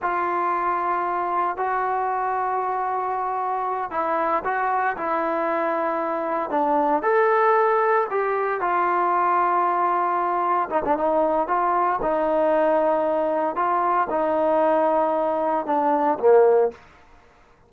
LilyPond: \new Staff \with { instrumentName = "trombone" } { \time 4/4 \tempo 4 = 115 f'2. fis'4~ | fis'2.~ fis'8 e'8~ | e'8 fis'4 e'2~ e'8~ | e'8 d'4 a'2 g'8~ |
g'8 f'2.~ f'8~ | f'8 dis'16 d'16 dis'4 f'4 dis'4~ | dis'2 f'4 dis'4~ | dis'2 d'4 ais4 | }